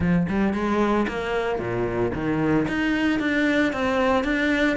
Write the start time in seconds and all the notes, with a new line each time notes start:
0.00 F3
0.28 G3
0.53 G#3
1.07 A#3
1.59 A#2
2.14 D#3
2.67 D#4
3.19 D4
3.72 C4
4.24 D4